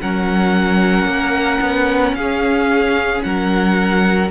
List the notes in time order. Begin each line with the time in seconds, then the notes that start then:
0.00 F#3 C#4 A#4 F#5
1.05 A#3
1.60 B3
2.12 C#4 G#4 F5
3.22 F#3 A#4 F#5